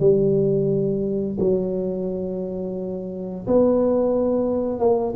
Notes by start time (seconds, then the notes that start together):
0.00 G3
1.40 F#3
3.47 B3
4.80 A#3